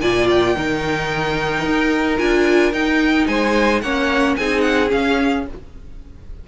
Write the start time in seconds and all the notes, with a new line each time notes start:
0.00 A#2 F4 D5 G#5
0.29 G5
0.55 D#3 D#4 A#4
1.65 D#4
2.17 D4 F4 G#5
2.72 D#4 G5
3.27 G#3 C5 G#5
3.81 A#3 C#4 C#5 F#5
4.36 C4 D#4 G#4 G#5
4.61 F#5
4.89 C#4 F5